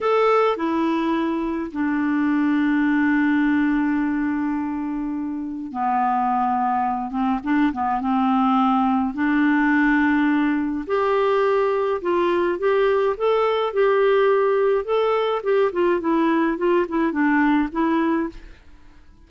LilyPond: \new Staff \with { instrumentName = "clarinet" } { \time 4/4 \tempo 4 = 105 a'4 e'2 d'4~ | d'1~ | d'2 b2~ | b8 c'8 d'8 b8 c'2 |
d'2. g'4~ | g'4 f'4 g'4 a'4 | g'2 a'4 g'8 f'8 | e'4 f'8 e'8 d'4 e'4 | }